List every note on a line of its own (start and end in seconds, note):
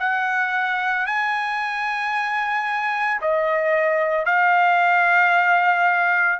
0.00 1.07 F#5
1.07 3.21 G#5
3.22 4.26 D#5
4.26 6.40 F5